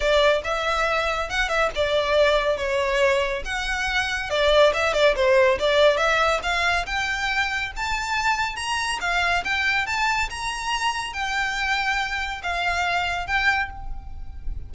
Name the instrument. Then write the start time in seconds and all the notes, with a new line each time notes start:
violin
0.00 D5
0.44 E5
1.29 F#5
1.48 E5
1.75 D5
2.57 C#5
3.44 F#5
4.30 D5
4.73 E5
4.93 D5
5.15 C5
5.59 D5
5.97 E5
6.42 F5
6.86 G5
7.76 A5
8.56 A#5
9.00 F5
9.44 G5
9.86 A5
10.30 A#5
11.13 G5
12.42 F5
13.26 G5